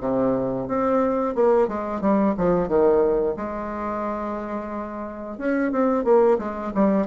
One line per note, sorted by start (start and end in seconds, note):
0.00 0.67 C3
0.68 1.35 C4
1.35 1.68 A#3
1.68 2.01 G#3
2.01 2.34 G3
2.37 2.68 F3
2.68 3.36 D#3
3.36 5.38 G#3
5.38 5.72 C#4
5.72 6.04 C4
6.04 6.38 A#3
6.39 6.72 G#3
6.75 7.07 G3